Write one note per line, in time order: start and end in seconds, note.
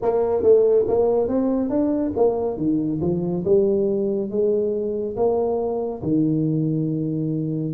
0.02 0.42 A#3
0.42 0.85 A3
0.87 1.28 A#3
1.28 1.69 C4
1.69 2.12 D4
2.16 2.57 A#3
2.57 3.00 D#3
3.01 3.44 F3
3.44 4.30 G3
4.30 5.15 G#3
5.16 6.02 A#3
6.02 7.73 D#3